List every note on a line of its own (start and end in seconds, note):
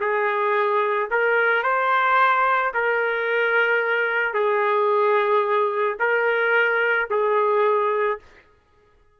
0.00 1.09 G#4
1.11 1.63 A#4
1.63 2.72 C5
2.74 4.33 A#4
4.33 5.97 G#4
6.00 7.09 A#4
7.10 8.19 G#4